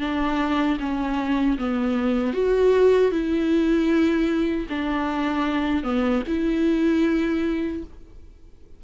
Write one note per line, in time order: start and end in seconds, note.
0.00 0.78 D4
0.80 1.58 C#4
1.58 2.33 B3
2.33 3.11 F#4
3.11 4.67 E4
4.69 5.84 D4
5.84 6.23 B3
6.28 7.83 E4